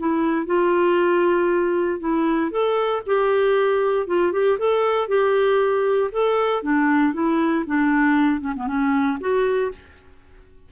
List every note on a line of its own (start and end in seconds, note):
0.00 0.46 E4
0.46 2.00 F4
2.00 2.52 E4
2.52 3.03 A4
3.07 4.07 G4
4.07 4.33 F4
4.33 4.59 G4
4.59 5.08 A4
5.08 6.11 G4
6.12 6.63 A4
6.63 7.14 D4
7.14 7.65 E4
7.67 8.41 D4
8.41 8.54 C#4
8.57 8.67 B3
8.67 9.19 C#4
9.21 9.72 F#4